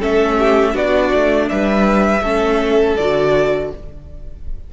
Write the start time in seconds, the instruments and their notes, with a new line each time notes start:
0.00 cello A3, viola C#4, violin A4 E5
0.39 violin G4
0.73 cello B3, viola D4, violin F#4 D5
1.14 cello A3
1.49 cello G3, violin B4 E5
2.21 cello A3, viola C#4, violin A4
2.97 cello D3, viola F#4, violin D5